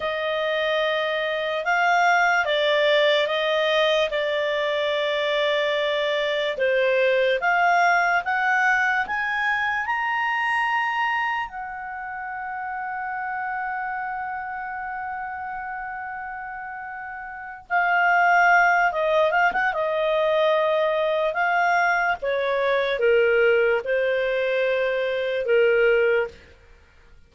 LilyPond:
\new Staff \with { instrumentName = "clarinet" } { \time 4/4 \tempo 4 = 73 dis''2 f''4 d''4 | dis''4 d''2. | c''4 f''4 fis''4 gis''4 | ais''2 fis''2~ |
fis''1~ | fis''4. f''4. dis''8 f''16 fis''16 | dis''2 f''4 cis''4 | ais'4 c''2 ais'4 | }